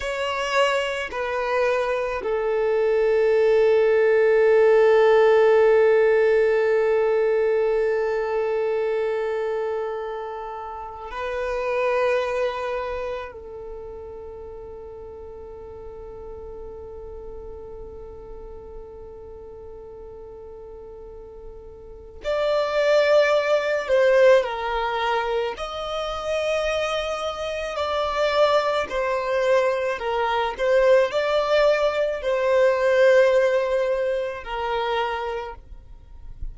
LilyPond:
\new Staff \with { instrumentName = "violin" } { \time 4/4 \tempo 4 = 54 cis''4 b'4 a'2~ | a'1~ | a'2 b'2 | a'1~ |
a'1 | d''4. c''8 ais'4 dis''4~ | dis''4 d''4 c''4 ais'8 c''8 | d''4 c''2 ais'4 | }